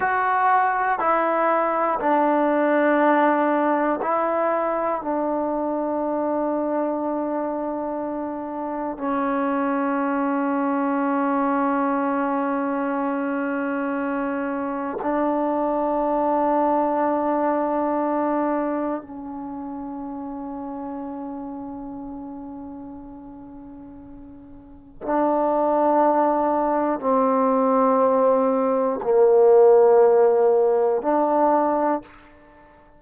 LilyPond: \new Staff \with { instrumentName = "trombone" } { \time 4/4 \tempo 4 = 60 fis'4 e'4 d'2 | e'4 d'2.~ | d'4 cis'2.~ | cis'2. d'4~ |
d'2. cis'4~ | cis'1~ | cis'4 d'2 c'4~ | c'4 ais2 d'4 | }